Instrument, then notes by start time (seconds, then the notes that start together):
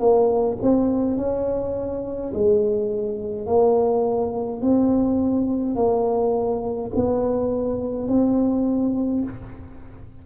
tuba
0.00 A#3
0.62 C4
1.17 C#4
2.34 G#3
3.47 A#3
4.62 C4
5.76 A#3
6.95 B3
8.08 C4